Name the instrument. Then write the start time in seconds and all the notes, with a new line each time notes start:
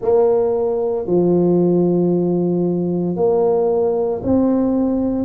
tuba
0.01 A#3
1.06 F3
3.16 A#3
4.23 C4